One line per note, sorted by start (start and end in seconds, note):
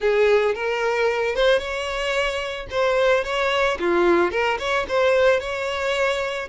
0.00 0.55 G#4
0.55 1.35 A#4
1.35 1.58 C5
1.58 2.66 C#5
2.70 3.24 C5
3.24 3.78 C#5
3.79 4.31 F4
4.31 4.58 A#4
4.58 4.86 C#5
4.88 5.40 C5
5.40 6.48 C#5